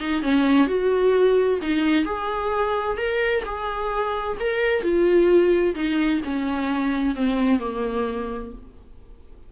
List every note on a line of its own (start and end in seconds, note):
0.00 0.23 D#4
0.23 0.67 C#4
0.67 1.60 F#4
1.62 2.05 D#4
2.05 2.97 G#4
2.97 3.44 A#4
3.45 4.38 G#4
4.40 4.83 A#4
4.83 5.75 F4
5.75 6.21 D#4
6.24 7.16 C#4
7.16 7.60 C4
7.60 8.52 A#3